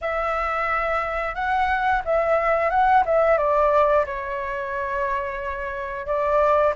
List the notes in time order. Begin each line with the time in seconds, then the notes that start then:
0.01 E5
1.35 F#5
2.04 E5
2.70 F#5
3.05 E5
3.37 D5
4.05 C#5
6.06 D5